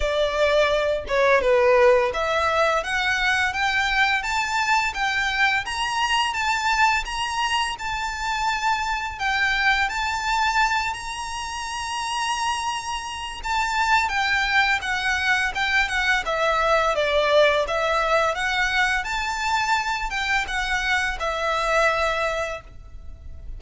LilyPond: \new Staff \with { instrumentName = "violin" } { \time 4/4 \tempo 4 = 85 d''4. cis''8 b'4 e''4 | fis''4 g''4 a''4 g''4 | ais''4 a''4 ais''4 a''4~ | a''4 g''4 a''4. ais''8~ |
ais''2. a''4 | g''4 fis''4 g''8 fis''8 e''4 | d''4 e''4 fis''4 a''4~ | a''8 g''8 fis''4 e''2 | }